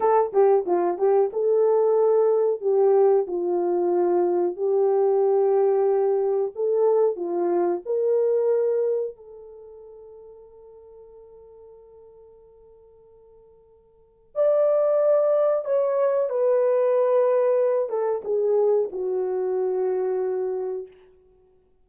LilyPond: \new Staff \with { instrumentName = "horn" } { \time 4/4 \tempo 4 = 92 a'8 g'8 f'8 g'8 a'2 | g'4 f'2 g'4~ | g'2 a'4 f'4 | ais'2 a'2~ |
a'1~ | a'2 d''2 | cis''4 b'2~ b'8 a'8 | gis'4 fis'2. | }